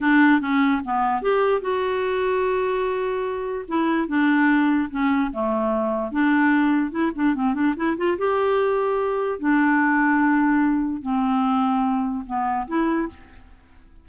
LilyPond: \new Staff \with { instrumentName = "clarinet" } { \time 4/4 \tempo 4 = 147 d'4 cis'4 b4 g'4 | fis'1~ | fis'4 e'4 d'2 | cis'4 a2 d'4~ |
d'4 e'8 d'8 c'8 d'8 e'8 f'8 | g'2. d'4~ | d'2. c'4~ | c'2 b4 e'4 | }